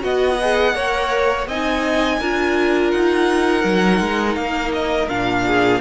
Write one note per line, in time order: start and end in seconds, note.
0.00 0.75 B3
0.00 0.36 F#4
0.00 0.75 D#5
0.00 1.47 F#5
0.41 0.75 G#4
0.75 1.47 A#3
0.75 1.47 A#4
0.75 1.47 C#5
1.47 2.19 C4
1.47 2.21 D#4
1.47 2.19 D#5
1.47 2.91 G#5
2.19 2.93 D4
2.19 3.63 F4
2.19 5.45 A#4
2.91 3.64 D#4
2.91 4.35 F#5
3.63 4.00 F#3
3.63 5.08 D#4
4.00 4.36 G#3
4.35 5.08 A#3
4.35 4.71 F5
4.74 5.08 D#5
5.08 5.80 A#2
5.08 5.80 D4
5.08 5.80 F5
5.47 5.80 G#4